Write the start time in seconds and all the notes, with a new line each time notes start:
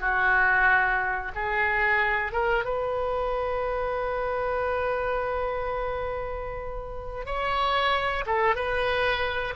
0.00 F#4
1.35 G#4
2.32 A#4
2.64 B4
7.26 C#5
8.26 A4
8.55 B4